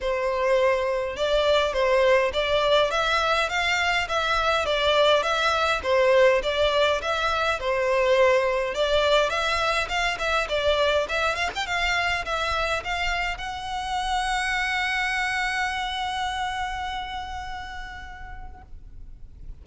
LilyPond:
\new Staff \with { instrumentName = "violin" } { \time 4/4 \tempo 4 = 103 c''2 d''4 c''4 | d''4 e''4 f''4 e''4 | d''4 e''4 c''4 d''4 | e''4 c''2 d''4 |
e''4 f''8 e''8 d''4 e''8 f''16 g''16 | f''4 e''4 f''4 fis''4~ | fis''1~ | fis''1 | }